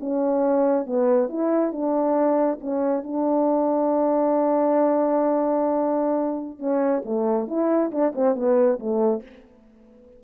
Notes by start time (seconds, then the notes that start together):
0.00 C#4
0.86 B3
1.29 E4
1.72 D4
2.61 C#4
3.04 D4
6.59 C#4
7.05 A3
7.48 E4
7.92 D4
8.15 C4
8.36 B3
8.79 A3